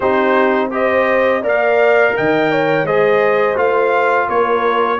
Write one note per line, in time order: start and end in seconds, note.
0.00 1.42 C4
0.00 0.70 D#4
0.00 0.69 G4
0.00 0.71 C5
0.70 1.42 G4
0.70 1.42 C5
0.70 1.45 D#5
1.42 2.13 A#3
1.42 2.86 A#4
1.42 2.13 D5
1.42 2.17 F5
2.16 2.82 D#3
2.16 2.51 D#5
2.16 2.86 G5
2.51 2.86 C#5
2.82 3.54 G#3
2.82 3.55 G#4
2.82 4.29 C5
2.82 3.57 D#5
3.55 4.27 A3
3.55 4.98 F4
3.55 4.29 F5
4.28 4.99 A#3
4.28 4.99 A#4
4.28 4.99 C#5